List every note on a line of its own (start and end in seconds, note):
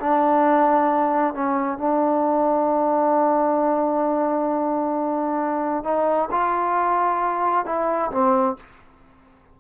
0.00 1.34 D4
1.34 1.78 C#4
1.78 5.84 D4
5.84 6.29 D#4
6.31 7.66 F4
7.66 8.11 E4
8.11 8.57 C4